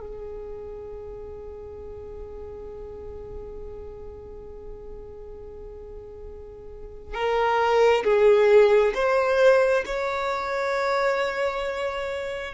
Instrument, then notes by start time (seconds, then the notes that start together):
violin
0.00 G#4
7.14 A#4
8.04 G#4
8.94 C5
9.85 C#5